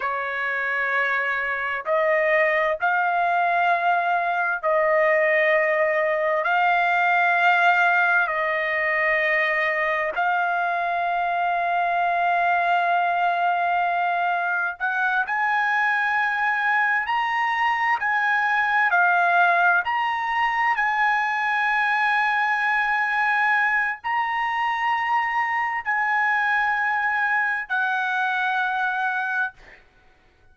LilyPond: \new Staff \with { instrumentName = "trumpet" } { \time 4/4 \tempo 4 = 65 cis''2 dis''4 f''4~ | f''4 dis''2 f''4~ | f''4 dis''2 f''4~ | f''1 |
fis''8 gis''2 ais''4 gis''8~ | gis''8 f''4 ais''4 gis''4.~ | gis''2 ais''2 | gis''2 fis''2 | }